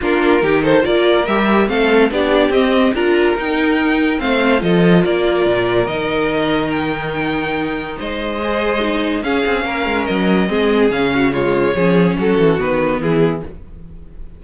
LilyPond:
<<
  \new Staff \with { instrumentName = "violin" } { \time 4/4 \tempo 4 = 143 ais'4. c''8 d''4 e''4 | f''4 d''4 dis''4 ais''4 | g''2 f''4 dis''4 | d''2 dis''2 |
g''2. dis''4~ | dis''2 f''2 | dis''2 f''4 cis''4~ | cis''4 a'4 b'4 gis'4 | }
  \new Staff \with { instrumentName = "violin" } { \time 4/4 f'4 g'8 a'8 ais'2 | a'4 g'2 ais'4~ | ais'2 c''4 a'4 | ais'1~ |
ais'2. c''4~ | c''2 gis'4 ais'4~ | ais'4 gis'4. fis'8 f'4 | gis'4 fis'2 e'4 | }
  \new Staff \with { instrumentName = "viola" } { \time 4/4 d'4 dis'4 f'4 g'4 | c'4 d'4 c'4 f'4 | dis'2 c'4 f'4~ | f'2 dis'2~ |
dis'1 | gis'4 dis'4 cis'2~ | cis'4 c'4 cis'4 gis4 | cis'2 b2 | }
  \new Staff \with { instrumentName = "cello" } { \time 4/4 ais4 dis4 ais4 g4 | a4 b4 c'4 d'4 | dis'2 a4 f4 | ais4 ais,4 dis2~ |
dis2. gis4~ | gis2 cis'8 c'8 ais8 gis8 | fis4 gis4 cis2 | f4 fis8 e8 dis4 e4 | }
>>